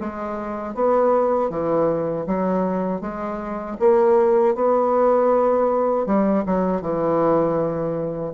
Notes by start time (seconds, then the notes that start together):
0.00 G#3
0.74 B3
1.49 E3
2.26 F#3
3.00 G#3
3.79 A#3
4.54 B3
6.06 G3
6.46 F#3
6.81 E3